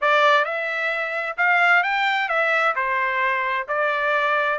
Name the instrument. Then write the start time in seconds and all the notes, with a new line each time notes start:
trumpet
0.01 D5
0.44 E5
1.37 F5
1.83 G5
2.28 E5
2.75 C5
3.68 D5